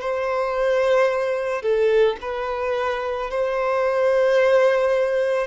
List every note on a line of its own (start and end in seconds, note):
0.00 1.62 C5
1.62 2.16 A4
2.21 3.30 B4
3.30 5.47 C5